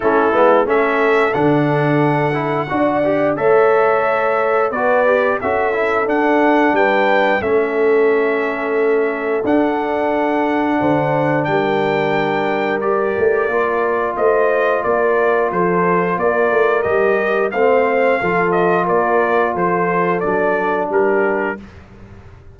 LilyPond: <<
  \new Staff \with { instrumentName = "trumpet" } { \time 4/4 \tempo 4 = 89 a'4 e''4 fis''2~ | fis''4 e''2 d''4 | e''4 fis''4 g''4 e''4~ | e''2 fis''2~ |
fis''4 g''2 d''4~ | d''4 dis''4 d''4 c''4 | d''4 dis''4 f''4. dis''8 | d''4 c''4 d''4 ais'4 | }
  \new Staff \with { instrumentName = "horn" } { \time 4/4 e'4 a'2. | d''4 cis''2 b'4 | a'2 b'4 a'4~ | a'1 |
c''4 ais'2.~ | ais'4 c''4 ais'4 a'4 | ais'2 c''4 a'4 | ais'4 a'2 g'4 | }
  \new Staff \with { instrumentName = "trombone" } { \time 4/4 cis'8 b8 cis'4 d'4. e'8 | fis'8 g'8 a'2 fis'8 g'8 | fis'8 e'8 d'2 cis'4~ | cis'2 d'2~ |
d'2. g'4 | f'1~ | f'4 g'4 c'4 f'4~ | f'2 d'2 | }
  \new Staff \with { instrumentName = "tuba" } { \time 4/4 a8 gis8 a4 d2 | d'4 a2 b4 | cis'4 d'4 g4 a4~ | a2 d'2 |
d4 g2~ g8 a8 | ais4 a4 ais4 f4 | ais8 a8 g4 a4 f4 | ais4 f4 fis4 g4 | }
>>